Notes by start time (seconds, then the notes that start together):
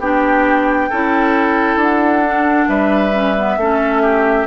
0.00 B3 D4 G4 G5
0.90 C#4 E4 A4
1.76 D4 F#5
2.25 D4
2.69 G3 B4 E5
3.13 C#4
3.38 B3
3.58 A3 C#4 A4
4.02 G4